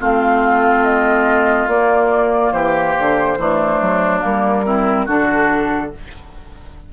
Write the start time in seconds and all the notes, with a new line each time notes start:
0.00 A3 C4 F4 F5
0.84 D#5
1.68 A#3 D5
2.53 E3 G4 C5
2.99 D3
3.38 E3 A3 D4
3.81 F#3
4.20 G3 A#3 A#4
4.65 C4 E4
5.06 D3 D4 F#4 A4